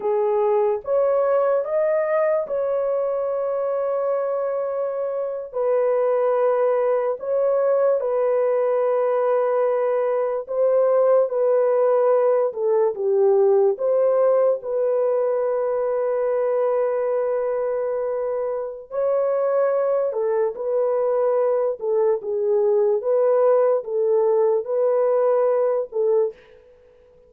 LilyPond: \new Staff \with { instrumentName = "horn" } { \time 4/4 \tempo 4 = 73 gis'4 cis''4 dis''4 cis''4~ | cis''2~ cis''8. b'4~ b'16~ | b'8. cis''4 b'2~ b'16~ | b'8. c''4 b'4. a'8 g'16~ |
g'8. c''4 b'2~ b'16~ | b'2. cis''4~ | cis''8 a'8 b'4. a'8 gis'4 | b'4 a'4 b'4. a'8 | }